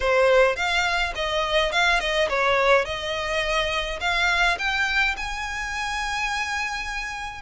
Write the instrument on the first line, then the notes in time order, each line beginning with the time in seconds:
violin
0.00 C5
0.56 F5
1.15 D#5
1.71 F5
1.99 D#5
2.29 C#5
2.85 D#5
4.00 F5
4.58 G5
5.16 G#5